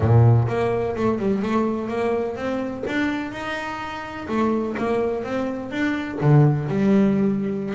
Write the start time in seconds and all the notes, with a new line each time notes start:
0.00 A#2
0.47 A#3
0.96 A3
1.18 G3
1.42 A3
1.88 A#3
2.36 C4
2.86 D4
3.31 D#4
4.27 A3
4.77 A#3
5.23 C4
5.71 D4
6.20 D3
6.68 G3